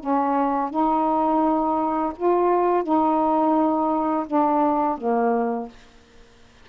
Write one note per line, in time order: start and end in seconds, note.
0.00 0.70 C#4
0.70 2.13 D#4
2.17 2.83 F4
2.83 4.26 D#4
4.27 4.98 D4
4.98 5.69 A#3